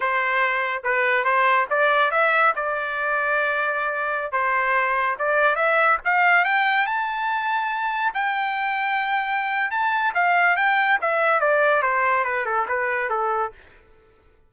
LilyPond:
\new Staff \with { instrumentName = "trumpet" } { \time 4/4 \tempo 4 = 142 c''2 b'4 c''4 | d''4 e''4 d''2~ | d''2~ d''16 c''4.~ c''16~ | c''16 d''4 e''4 f''4 g''8.~ |
g''16 a''2. g''8.~ | g''2. a''4 | f''4 g''4 e''4 d''4 | c''4 b'8 a'8 b'4 a'4 | }